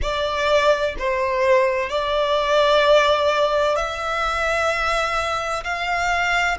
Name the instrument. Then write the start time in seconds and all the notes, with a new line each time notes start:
violin
0.02 D5
0.98 C5
1.89 D5
3.76 E5
5.63 F5